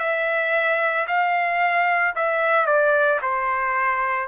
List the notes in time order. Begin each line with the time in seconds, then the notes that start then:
0.00 E5
1.08 F5
2.16 E5
2.67 D5
3.22 C5